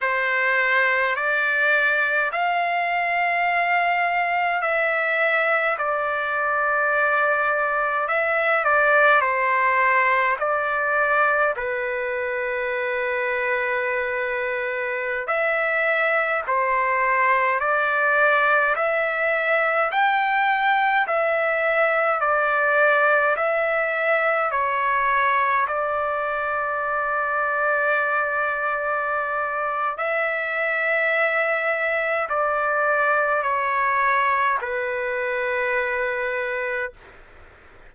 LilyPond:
\new Staff \with { instrumentName = "trumpet" } { \time 4/4 \tempo 4 = 52 c''4 d''4 f''2 | e''4 d''2 e''8 d''8 | c''4 d''4 b'2~ | b'4~ b'16 e''4 c''4 d''8.~ |
d''16 e''4 g''4 e''4 d''8.~ | d''16 e''4 cis''4 d''4.~ d''16~ | d''2 e''2 | d''4 cis''4 b'2 | }